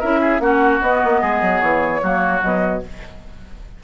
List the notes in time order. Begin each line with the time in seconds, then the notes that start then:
0.00 C#4 E4 A#4 E5
0.21 G#4
0.40 A#3 C#4 F#4 F#5
0.82 B3 D#5
1.04 A#3
1.21 G#3 G#4
1.42 F#3
1.61 E3 C#5
2.03 F#3 A#3 F#4
2.42 B2 F#3 D#5